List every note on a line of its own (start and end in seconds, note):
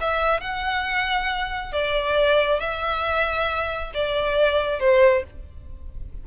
0.00 0.40 E5
0.40 1.72 F#5
1.72 2.59 D5
2.59 3.91 E5
3.93 4.79 D5
4.79 5.23 C5